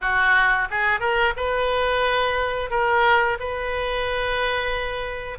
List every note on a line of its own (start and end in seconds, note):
0.01 0.68 F#4
0.70 1.00 G#4
1.00 1.33 A#4
1.36 2.70 B4
2.70 3.37 A#4
3.39 5.38 B4